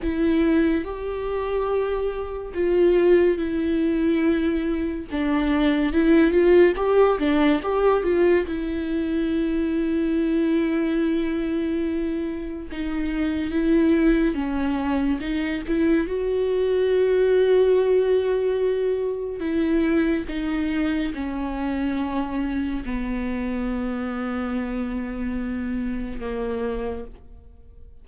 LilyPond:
\new Staff \with { instrumentName = "viola" } { \time 4/4 \tempo 4 = 71 e'4 g'2 f'4 | e'2 d'4 e'8 f'8 | g'8 d'8 g'8 f'8 e'2~ | e'2. dis'4 |
e'4 cis'4 dis'8 e'8 fis'4~ | fis'2. e'4 | dis'4 cis'2 b4~ | b2. ais4 | }